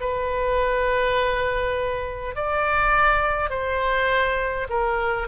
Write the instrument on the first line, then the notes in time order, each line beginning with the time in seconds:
oboe
0.00 B4
2.35 D5
3.50 C5
4.70 A#4